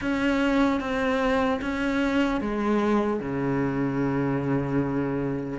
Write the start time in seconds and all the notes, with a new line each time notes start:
0.01 C#4
0.80 C4
1.61 C#4
2.40 G#3
3.20 C#3